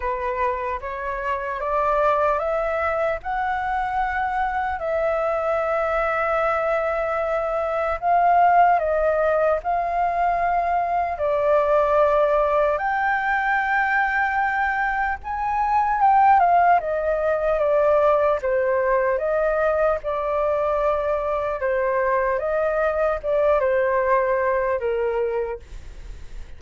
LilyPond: \new Staff \with { instrumentName = "flute" } { \time 4/4 \tempo 4 = 75 b'4 cis''4 d''4 e''4 | fis''2 e''2~ | e''2 f''4 dis''4 | f''2 d''2 |
g''2. gis''4 | g''8 f''8 dis''4 d''4 c''4 | dis''4 d''2 c''4 | dis''4 d''8 c''4. ais'4 | }